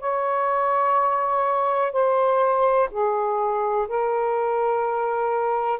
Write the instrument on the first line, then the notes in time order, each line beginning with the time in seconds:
saxophone
0.00 C#5
1.93 C5
2.91 G#4
3.88 A#4